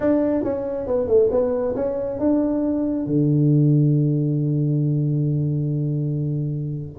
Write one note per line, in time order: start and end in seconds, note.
0.00 0.43 D4
0.43 0.86 C#4
0.86 1.07 B3
1.07 1.29 A3
1.31 1.75 B3
1.75 2.19 C#4
2.19 3.06 D4
3.06 6.99 D3